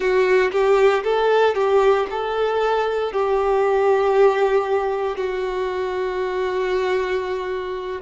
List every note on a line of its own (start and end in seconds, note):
0.00 0.51 F#4
0.51 1.03 G4
1.03 1.55 A4
1.55 2.06 G4
2.10 3.12 A4
3.12 5.17 G4
5.17 8.01 F#4